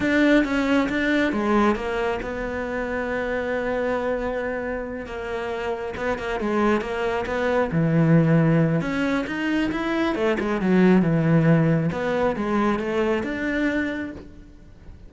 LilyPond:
\new Staff \with { instrumentName = "cello" } { \time 4/4 \tempo 4 = 136 d'4 cis'4 d'4 gis4 | ais4 b2.~ | b2.~ b8 ais8~ | ais4. b8 ais8 gis4 ais8~ |
ais8 b4 e2~ e8 | cis'4 dis'4 e'4 a8 gis8 | fis4 e2 b4 | gis4 a4 d'2 | }